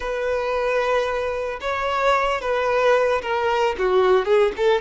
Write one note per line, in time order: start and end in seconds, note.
0.00 1.59 B4
1.60 2.41 C#5
2.41 3.21 B4
3.22 3.75 A#4
3.78 4.25 F#4
4.25 4.52 G#4
4.57 4.81 A4